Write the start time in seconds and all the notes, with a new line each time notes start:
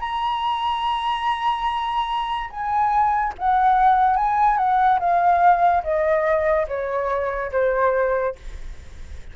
0.00 A#5
2.50 G#5
3.39 F#5
4.17 G#5
4.58 F#5
5.00 F5
5.84 D#5
6.68 C#5
7.52 C5